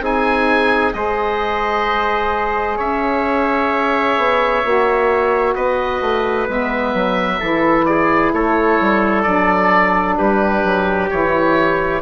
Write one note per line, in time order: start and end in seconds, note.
0.00 0.92 C4
0.00 0.93 D#4
0.00 0.96 G#4
0.00 0.93 G#5
0.93 2.78 G#3
0.93 4.63 G#4
0.93 2.77 C5
0.93 2.78 D#5
2.77 4.17 C#4
2.77 5.54 C#5
2.77 5.55 E5
4.17 4.63 B3
4.64 5.55 A#3
4.64 6.48 F#4
5.55 6.01 B3
5.55 7.39 B4
5.55 6.47 D#5
6.01 6.47 A3
6.48 6.93 G#3
6.48 7.40 B3
6.48 7.85 E5
6.93 7.40 F#3
7.40 8.33 E3
7.40 9.24 E4
7.40 7.86 A4
7.85 8.34 G#4
7.85 8.32 D5
8.33 8.79 A3
8.33 10.18 A4
8.33 9.22 C#5
8.80 9.26 G3
9.22 10.18 F#3
9.22 11.09 D4
9.22 10.15 D5
10.17 10.63 G3
10.17 12.02 G4
10.17 11.09 B4
10.63 11.10 F#3
11.10 12.02 E3
11.10 12.02 E4
11.10 12.02 C#5